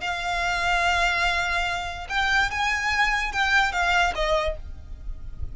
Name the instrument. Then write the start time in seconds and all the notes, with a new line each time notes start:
violin
0.00 F5
2.09 G5
2.50 G#5
3.32 G5
3.72 F5
4.15 D#5